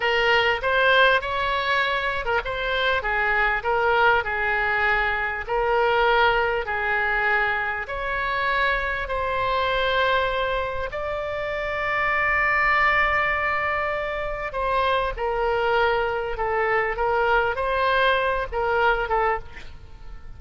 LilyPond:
\new Staff \with { instrumentName = "oboe" } { \time 4/4 \tempo 4 = 99 ais'4 c''4 cis''4.~ cis''16 ais'16 | c''4 gis'4 ais'4 gis'4~ | gis'4 ais'2 gis'4~ | gis'4 cis''2 c''4~ |
c''2 d''2~ | d''1 | c''4 ais'2 a'4 | ais'4 c''4. ais'4 a'8 | }